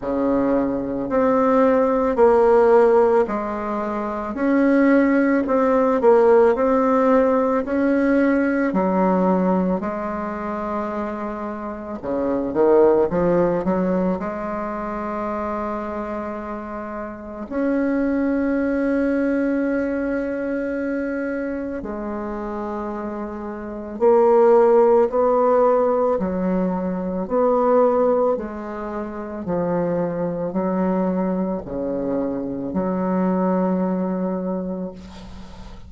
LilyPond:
\new Staff \with { instrumentName = "bassoon" } { \time 4/4 \tempo 4 = 55 cis4 c'4 ais4 gis4 | cis'4 c'8 ais8 c'4 cis'4 | fis4 gis2 cis8 dis8 | f8 fis8 gis2. |
cis'1 | gis2 ais4 b4 | fis4 b4 gis4 f4 | fis4 cis4 fis2 | }